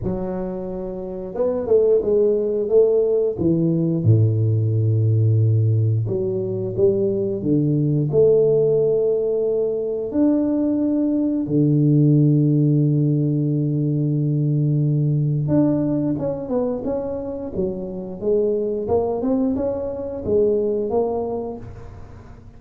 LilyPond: \new Staff \with { instrumentName = "tuba" } { \time 4/4 \tempo 4 = 89 fis2 b8 a8 gis4 | a4 e4 a,2~ | a,4 fis4 g4 d4 | a2. d'4~ |
d'4 d2.~ | d2. d'4 | cis'8 b8 cis'4 fis4 gis4 | ais8 c'8 cis'4 gis4 ais4 | }